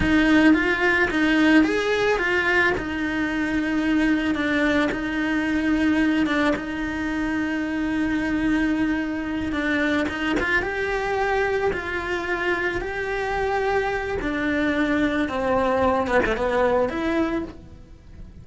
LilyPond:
\new Staff \with { instrumentName = "cello" } { \time 4/4 \tempo 4 = 110 dis'4 f'4 dis'4 gis'4 | f'4 dis'2. | d'4 dis'2~ dis'8 d'8 | dis'1~ |
dis'4. d'4 dis'8 f'8 g'8~ | g'4. f'2 g'8~ | g'2 d'2 | c'4. b16 a16 b4 e'4 | }